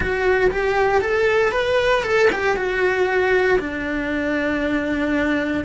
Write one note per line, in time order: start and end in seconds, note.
0.00 0.50 F#4
0.51 1.01 G4
1.01 1.51 A4
1.51 2.03 B4
2.03 2.29 A4
2.32 2.56 G4
2.56 3.59 F#4
3.59 5.64 D4